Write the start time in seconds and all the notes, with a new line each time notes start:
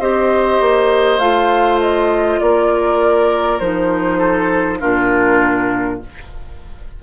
0.00 C4 G4 C5 D#5
0.60 A#3
1.19 A3 F4 F5
1.80 D#5
2.40 A#3 A#4 D5
3.60 F3 D#4 C5
4.18 A4
4.80 A#2 D4 F4 A#4